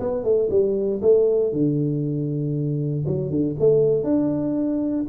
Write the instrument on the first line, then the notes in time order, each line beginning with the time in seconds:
tuba
0.00 B3
0.24 A3
0.50 G3
1.02 A3
1.52 D3
3.06 F#3
3.30 D3
3.59 A3
4.04 D4